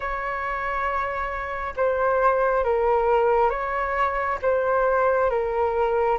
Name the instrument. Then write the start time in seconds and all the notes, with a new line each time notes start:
flute
0.00 C#5
1.76 C5
2.64 A#4
3.50 C#5
4.42 C5
5.29 A#4